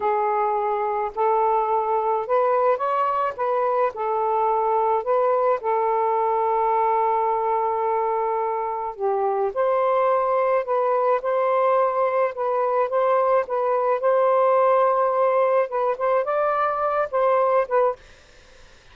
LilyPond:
\new Staff \with { instrumentName = "saxophone" } { \time 4/4 \tempo 4 = 107 gis'2 a'2 | b'4 cis''4 b'4 a'4~ | a'4 b'4 a'2~ | a'1 |
g'4 c''2 b'4 | c''2 b'4 c''4 | b'4 c''2. | b'8 c''8 d''4. c''4 b'8 | }